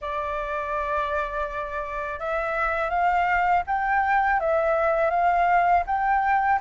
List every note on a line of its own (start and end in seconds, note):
0.01 2.19 D5
2.19 2.89 E5
2.89 3.63 F5
3.67 4.40 G5
4.40 5.10 E5
5.10 5.83 F5
5.86 6.59 G5